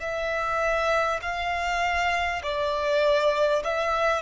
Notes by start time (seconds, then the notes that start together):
0.00 E5
1.22 F5
2.43 D5
3.64 E5